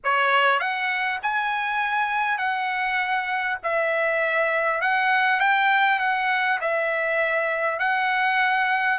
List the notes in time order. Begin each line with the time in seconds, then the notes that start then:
0.04 C#5
0.59 F#5
1.22 G#5
2.38 F#5
3.63 E5
4.81 F#5
5.40 G5
5.99 F#5
6.60 E5
7.79 F#5